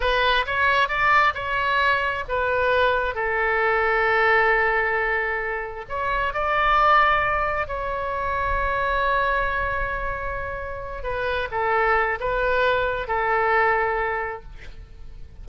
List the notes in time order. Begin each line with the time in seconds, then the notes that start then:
0.00 B4
0.46 C#5
0.88 D5
1.34 C#5
2.28 B4
3.14 A4
5.88 C#5
6.33 D5
7.67 C#5
11.03 B4
11.51 A4
12.20 B4
13.07 A4